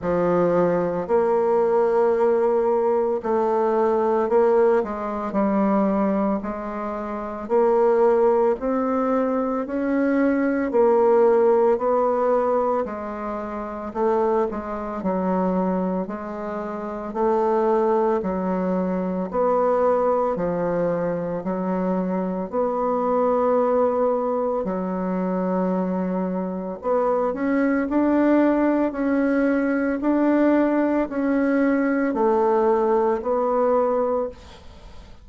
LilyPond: \new Staff \with { instrumentName = "bassoon" } { \time 4/4 \tempo 4 = 56 f4 ais2 a4 | ais8 gis8 g4 gis4 ais4 | c'4 cis'4 ais4 b4 | gis4 a8 gis8 fis4 gis4 |
a4 fis4 b4 f4 | fis4 b2 fis4~ | fis4 b8 cis'8 d'4 cis'4 | d'4 cis'4 a4 b4 | }